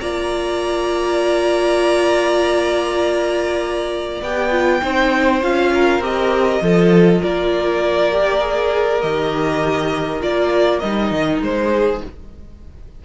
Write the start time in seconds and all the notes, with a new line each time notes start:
0.00 A#3 F4 D5 A#5
4.21 B3 G4 G5
4.50 F4
4.81 C4 D#4 C5
5.41 C#4 F4 F5
5.74 A#4
5.99 C4 G4 D#5
6.61 F3 F4 A4
7.21 A#3 A#4 D5
8.11 G4
8.40 G#4
9.02 D#3 G4 D#5
10.20 A#3 F4 D5
10.79 G3 D#4 D#5
11.11 D#3
11.40 G#3 C5
11.72 G#4